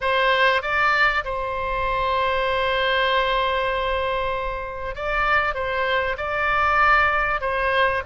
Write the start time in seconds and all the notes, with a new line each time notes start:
0.00 C5
0.62 D5
1.24 C5
4.95 D5
5.54 C5
6.17 D5
7.40 C5